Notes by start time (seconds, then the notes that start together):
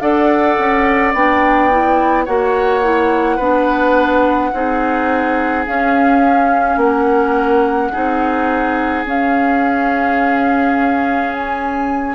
0.00 D4 A4 D5 F#5
0.58 C#4
1.14 B3 D4 G5
1.71 E4
2.25 A#3 F#4 C#5 F#5
2.83 E4
3.36 B3 D4 B4
4.53 C4 D#4 G#4
5.66 C#4 F5
6.76 A#3 A#4 F#5
7.92 C4 D#4 G#4
9.05 C#4 F5
11.33 G#5